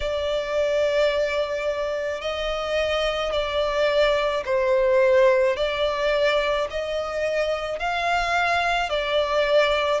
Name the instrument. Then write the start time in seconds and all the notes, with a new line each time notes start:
violin
0.00 D5
2.21 D#5
3.32 D5
4.45 C5
5.56 D5
6.70 D#5
7.79 F5
8.89 D5